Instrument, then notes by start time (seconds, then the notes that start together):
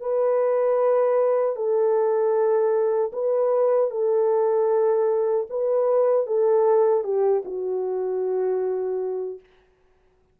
horn
0.00 B4
1.55 A4
3.13 B4
3.91 A4
5.50 B4
6.27 A4
7.04 G4
7.45 F#4